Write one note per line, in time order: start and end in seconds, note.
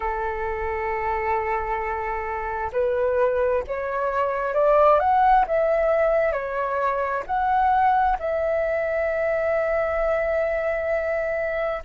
0.00 2.71 A4
2.72 3.63 B4
3.67 4.54 C#5
4.54 4.99 D5
4.99 5.45 F#5
5.47 6.32 E5
6.32 7.23 C#5
7.26 8.17 F#5
8.19 11.82 E5